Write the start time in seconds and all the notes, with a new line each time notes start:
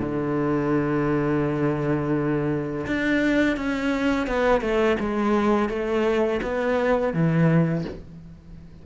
0.00 D3
2.86 D4
3.56 C#4
4.27 B3
4.61 A3
5.00 G#3
5.69 A3
6.42 B3
7.13 E3